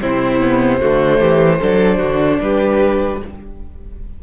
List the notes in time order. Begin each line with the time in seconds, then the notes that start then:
0.00 C3 C4 E4 C5
0.40 B3
0.80 D3 A3 F#4
1.19 E3 G4
1.59 F#3 D4 A4
1.98 D3 F#4
2.41 G3 G4 B4